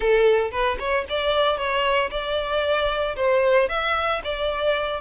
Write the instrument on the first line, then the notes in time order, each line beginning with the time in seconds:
violin
0.00 A4
0.51 B4
0.79 C#5
1.09 D5
1.57 C#5
2.10 D5
3.16 C5
3.68 E5
4.23 D5